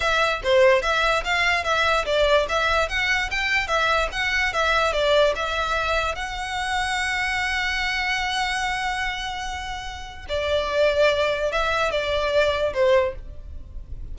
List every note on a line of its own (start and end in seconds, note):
0.00 0.41 E5
0.43 0.82 C5
0.82 1.23 E5
1.24 1.64 F5
1.64 2.05 E5
2.05 2.46 D5
2.48 2.88 E5
2.88 3.30 F#5
3.30 3.67 G5
3.67 4.08 E5
4.12 4.53 F#5
4.53 4.92 E5
4.92 5.33 D5
5.35 6.15 E5
6.15 10.26 F#5
10.29 11.52 D5
11.52 11.91 E5
11.91 12.73 D5
12.73 13.14 C5